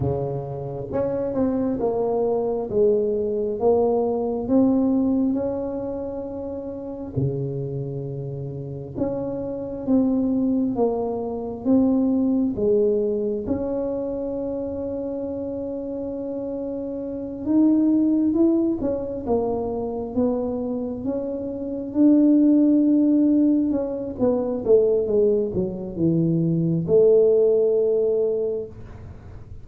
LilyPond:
\new Staff \with { instrumentName = "tuba" } { \time 4/4 \tempo 4 = 67 cis4 cis'8 c'8 ais4 gis4 | ais4 c'4 cis'2 | cis2 cis'4 c'4 | ais4 c'4 gis4 cis'4~ |
cis'2.~ cis'8 dis'8~ | dis'8 e'8 cis'8 ais4 b4 cis'8~ | cis'8 d'2 cis'8 b8 a8 | gis8 fis8 e4 a2 | }